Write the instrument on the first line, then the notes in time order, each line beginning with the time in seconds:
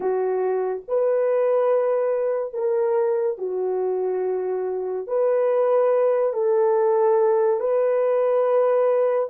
horn
0.00 F#4
0.88 B4
2.53 A#4
3.38 F#4
5.07 B4
6.33 A4
7.60 B4